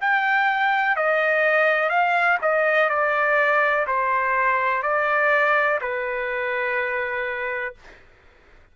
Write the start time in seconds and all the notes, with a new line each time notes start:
0.00 G5
0.96 D#5
1.89 F5
2.41 D#5
2.89 D5
3.87 C5
4.82 D5
5.81 B4